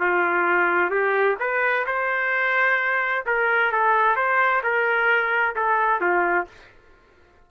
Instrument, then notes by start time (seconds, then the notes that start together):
trumpet
0.00 F4
0.91 G4
1.40 B4
1.87 C5
3.26 A#4
3.72 A4
4.16 C5
4.63 A#4
5.56 A4
6.01 F4